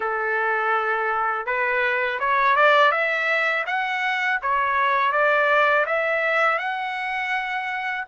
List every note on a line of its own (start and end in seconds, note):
0.00 1.46 A4
1.46 2.19 B4
2.19 2.56 C#5
2.56 2.91 D5
2.91 3.64 E5
3.66 4.39 F#5
4.42 5.12 C#5
5.12 5.85 D5
5.86 6.58 E5
6.58 8.04 F#5